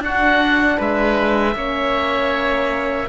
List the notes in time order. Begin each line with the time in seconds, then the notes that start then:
0.00 D4 F#4 F#5
0.78 G#3 B4 E5
1.55 A#3 C#4 C#5